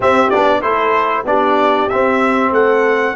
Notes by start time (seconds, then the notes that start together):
0.00 C4 G4 E5
0.29 B3 D4 D5
0.61 A3 E4 A4 C5
1.24 B3 D4 G4 D5
1.89 C4 E5
2.51 A3 A4 F#5